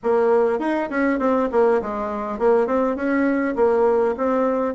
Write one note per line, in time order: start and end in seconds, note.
0.03 0.59 A#3
0.59 0.89 D#4
0.90 1.19 C#4
1.19 1.49 C4
1.51 1.81 A#3
1.81 2.38 G#3
2.38 2.67 A#3
2.67 2.95 C4
2.95 3.55 C#4
3.55 4.15 A#3
4.17 4.74 C4